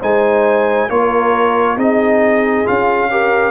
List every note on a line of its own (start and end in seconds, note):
0.00 0.89 G#3
0.00 0.89 D#4
0.00 0.88 C5
0.00 0.89 G#5
0.89 1.76 A#3
0.89 1.77 F4
0.89 1.77 A#4
0.89 1.78 C#5
1.76 2.65 C4
1.76 2.65 D#4
1.76 3.09 G#4
1.76 2.67 D#5
2.65 3.51 C#4
2.65 3.09 F4
2.65 3.51 F5
3.10 3.51 G4
3.10 3.51 A#4